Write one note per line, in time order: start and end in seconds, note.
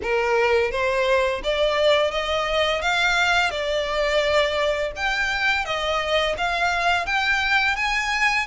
0.02 0.71 A#4
0.71 1.41 C5
1.43 2.11 D5
2.11 2.81 D#5
2.81 3.50 F5
3.50 4.92 D5
4.96 5.65 G5
5.65 6.35 D#5
6.37 7.06 F5
7.06 7.76 G5
7.76 8.46 G#5